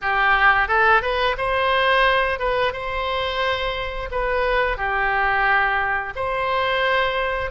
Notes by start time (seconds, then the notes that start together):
0.01 G4
0.68 A4
1.02 B4
1.37 C5
2.39 B4
2.72 C5
4.11 B4
4.77 G4
6.15 C5